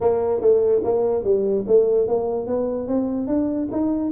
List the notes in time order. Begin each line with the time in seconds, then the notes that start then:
0.00 A#3
0.41 A3
0.83 A#3
1.23 G3
1.67 A3
2.07 A#3
2.47 B3
2.87 C4
3.27 D4
3.71 D#4